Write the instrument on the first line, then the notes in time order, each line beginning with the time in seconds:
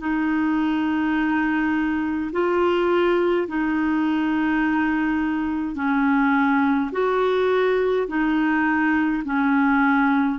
clarinet
0.00 D#4
2.32 F4
3.48 D#4
5.75 C#4
6.92 F#4
8.08 D#4
9.25 C#4